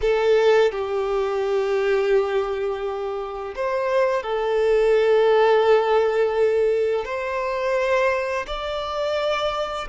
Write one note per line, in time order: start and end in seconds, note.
0.01 0.71 A4
0.71 3.54 G4
3.55 4.22 C5
4.22 7.05 A4
7.05 8.46 C5
8.46 9.88 D5